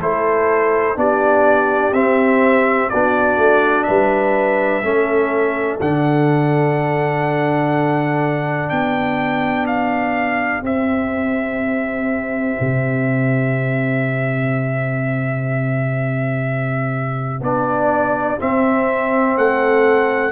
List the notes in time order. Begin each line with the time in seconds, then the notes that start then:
0.00 A3 E4 A4 C5
0.96 B3 D4 G4 D5
1.93 C4 E5
2.90 B3 D4 F#4 D5
3.38 A3
3.84 G3 B4 E5
4.83 A3 C#4 A4
5.81 D3 D4 F#5
8.70 B3 G4 G5
9.67 F5
10.63 C4 E5
12.61 C3
17.41 B3 D4 D5
18.38 C4 E5
19.38 A3 A4 F#5